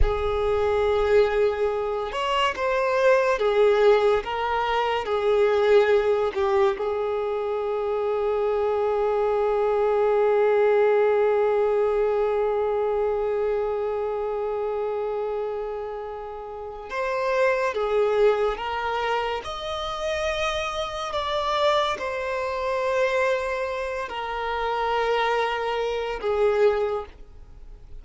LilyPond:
\new Staff \with { instrumentName = "violin" } { \time 4/4 \tempo 4 = 71 gis'2~ gis'8 cis''8 c''4 | gis'4 ais'4 gis'4. g'8 | gis'1~ | gis'1~ |
gis'1 | c''4 gis'4 ais'4 dis''4~ | dis''4 d''4 c''2~ | c''8 ais'2~ ais'8 gis'4 | }